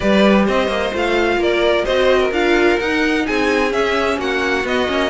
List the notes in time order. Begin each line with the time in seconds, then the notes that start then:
0.00 G3 G4 B4 D5
0.45 C4 C5 D#5
0.67 A#3
0.93 A3 F4 F5
1.36 A#3 A#4 D5
1.84 C4 F#4 C5 D#5
2.19 A#4
2.31 D4 F4 F5
2.79 D#4 F#5
3.26 C4 G#4 G#5
3.69 C#4 E5
4.17 A#3 F#4 F#5
4.64 B3 D#5
4.87 A#3 C#4